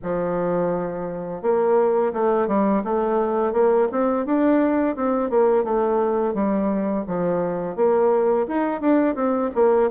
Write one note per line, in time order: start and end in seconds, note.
0.02 1.41 F3
1.41 2.12 A#3
2.13 2.47 A3
2.47 2.82 G3
2.84 3.53 A3
3.53 3.88 A#3
3.91 4.25 C4
4.25 4.95 D4
4.95 5.29 C4
5.29 5.64 A#3
5.64 6.34 A3
6.34 7.04 G3
7.07 7.76 F3
7.76 8.46 A#3
8.47 8.80 D#4
8.80 9.15 D4
9.15 9.50 C4
9.55 9.90 A#3